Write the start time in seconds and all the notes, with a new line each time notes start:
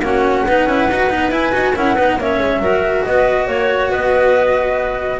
0.00 A#3 C#4 F#4 F#5
0.46 B3 D#4 B4
0.65 C#4 E4
0.90 D#4 F#4
1.10 B3 D#4
1.30 E4 G#5
1.52 D#4 F#4
1.75 C#4 E4 A#4 F#5
1.95 B3 D#4 B4
2.18 A#3 C#4 C#5 E5
2.39 G#3
2.59 F#3 F#4 A#4
3.04 B3 B4 D#5
3.47 A#3 C#5
3.90 B3 B4 D#5